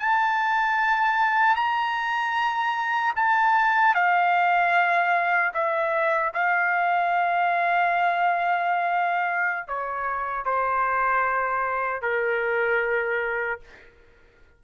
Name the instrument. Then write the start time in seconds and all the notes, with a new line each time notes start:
trumpet
0.00 A5
1.56 A#5
3.16 A5
3.95 F5
5.54 E5
6.34 F5
9.68 C#5
10.45 C5
12.02 A#4